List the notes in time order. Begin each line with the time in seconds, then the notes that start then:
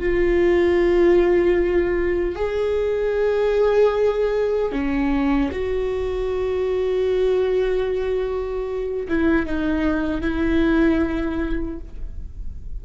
0.00 F4
2.36 G#4
4.72 C#4
5.52 F#4
9.09 E4
9.46 D#4
10.22 E4